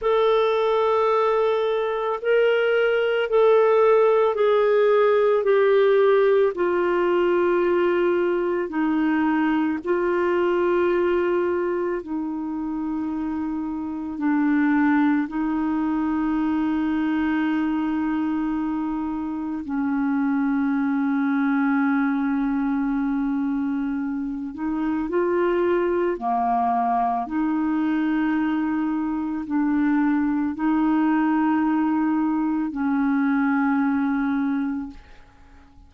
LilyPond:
\new Staff \with { instrumentName = "clarinet" } { \time 4/4 \tempo 4 = 55 a'2 ais'4 a'4 | gis'4 g'4 f'2 | dis'4 f'2 dis'4~ | dis'4 d'4 dis'2~ |
dis'2 cis'2~ | cis'2~ cis'8 dis'8 f'4 | ais4 dis'2 d'4 | dis'2 cis'2 | }